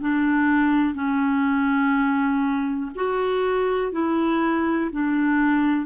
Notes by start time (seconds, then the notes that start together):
0.00 D4
0.94 C#4
2.95 F#4
3.92 E4
4.92 D4